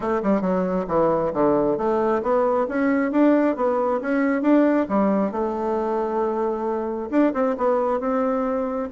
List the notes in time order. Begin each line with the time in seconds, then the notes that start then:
0.00 A3
0.22 G3
0.41 F#3
0.87 E3
1.33 D3
1.77 A3
2.22 B3
2.68 C#4
3.11 D4
3.56 B3
4.01 C#4
4.41 D4
4.88 G3
5.31 A3
7.10 D4
7.33 C4
7.57 B3
7.99 C4